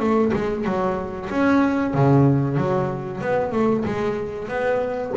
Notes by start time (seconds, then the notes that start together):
0.00 A3
0.34 G#3
0.65 F#3
1.30 C#4
1.95 C#3
2.58 F#3
3.21 B3
3.52 A3
3.86 G#3
4.49 B3